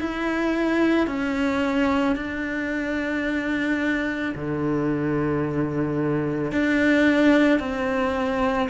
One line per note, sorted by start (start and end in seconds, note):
0.00 1.07 E4
1.07 2.16 C#4
2.16 4.34 D4
4.35 6.52 D3
6.52 7.60 D4
7.60 8.69 C4